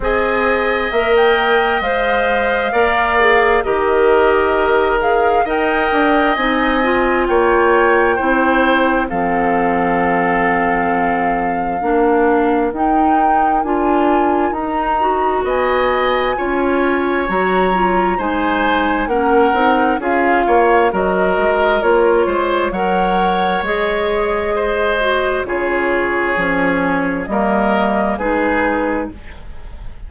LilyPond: <<
  \new Staff \with { instrumentName = "flute" } { \time 4/4 \tempo 4 = 66 gis''4 e''16 g''8. f''2 | dis''4. f''8 g''4 gis''4 | g''2 f''2~ | f''2 g''4 gis''4 |
ais''4 gis''2 ais''4 | gis''4 fis''4 f''4 dis''4 | cis''4 fis''4 dis''2 | cis''2 dis''4 b'4 | }
  \new Staff \with { instrumentName = "oboe" } { \time 4/4 dis''2. d''4 | ais'2 dis''2 | cis''4 c''4 a'2~ | a'4 ais'2.~ |
ais'4 dis''4 cis''2 | c''4 ais'4 gis'8 cis''8 ais'4~ | ais'8 c''8 cis''2 c''4 | gis'2 ais'4 gis'4 | }
  \new Staff \with { instrumentName = "clarinet" } { \time 4/4 gis'4 ais'4 c''4 ais'8 gis'8 | g'4. gis'8 ais'4 dis'8 f'8~ | f'4 e'4 c'2~ | c'4 d'4 dis'4 f'4 |
dis'8 fis'4. f'4 fis'8 f'8 | dis'4 cis'8 dis'8 f'4 fis'4 | f'4 ais'4 gis'4. fis'8 | f'4 cis'4 ais4 dis'4 | }
  \new Staff \with { instrumentName = "bassoon" } { \time 4/4 c'4 ais4 gis4 ais4 | dis2 dis'8 d'8 c'4 | ais4 c'4 f2~ | f4 ais4 dis'4 d'4 |
dis'4 b4 cis'4 fis4 | gis4 ais8 c'8 cis'8 ais8 fis8 gis8 | ais8 gis8 fis4 gis2 | cis4 f4 g4 gis4 | }
>>